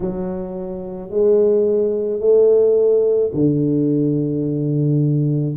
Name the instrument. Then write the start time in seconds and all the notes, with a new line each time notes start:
tuba
0.00 F#3
1.10 G#3
2.19 A3
3.33 D3